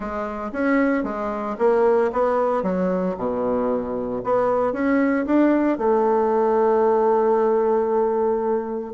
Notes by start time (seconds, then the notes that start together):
0.00 G#3
0.52 C#4
1.03 G#3
1.58 A#3
2.12 B3
2.62 F#3
3.17 B2
4.23 B3
4.72 C#4
5.26 D4
5.78 A3